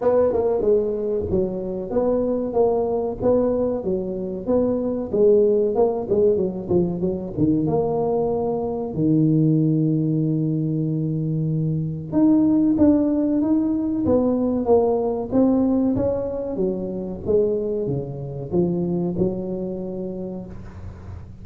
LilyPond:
\new Staff \with { instrumentName = "tuba" } { \time 4/4 \tempo 4 = 94 b8 ais8 gis4 fis4 b4 | ais4 b4 fis4 b4 | gis4 ais8 gis8 fis8 f8 fis8 dis8 | ais2 dis2~ |
dis2. dis'4 | d'4 dis'4 b4 ais4 | c'4 cis'4 fis4 gis4 | cis4 f4 fis2 | }